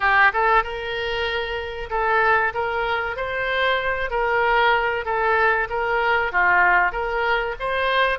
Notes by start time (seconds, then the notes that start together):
0.00 G4
0.33 A4
0.63 A#4
1.90 A4
2.54 A#4
3.16 C5
4.10 A#4
5.05 A4
5.69 A#4
6.32 F4
6.92 A#4
7.59 C5